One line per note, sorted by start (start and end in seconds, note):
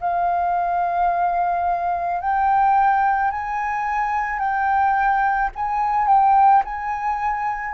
0.00 2.21 F5
2.21 3.31 G5
3.31 4.39 G#5
4.39 5.50 G5
5.55 6.08 G#5
6.08 6.63 G5
6.65 7.74 G#5